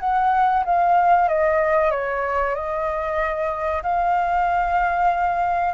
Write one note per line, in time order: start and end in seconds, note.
0.00 0.64 F#5
0.65 1.28 F5
1.28 1.91 D#5
1.91 2.55 C#5
2.55 3.82 D#5
3.83 5.74 F5